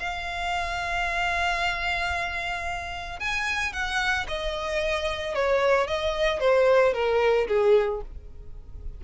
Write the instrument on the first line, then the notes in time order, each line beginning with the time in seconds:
violin
0.00 F5
3.20 G#5
3.73 F#5
4.28 D#5
5.35 C#5
5.87 D#5
6.40 C5
6.94 A#4
7.48 G#4